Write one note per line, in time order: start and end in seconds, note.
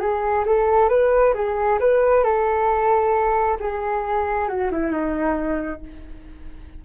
0.00 0.45 G#4
0.46 0.89 A4
0.89 1.34 B4
1.34 1.79 G#4
1.80 2.24 B4
2.24 3.58 A4
3.60 4.48 G#4
4.48 4.71 F#4
4.71 4.92 E4
4.92 5.81 D#4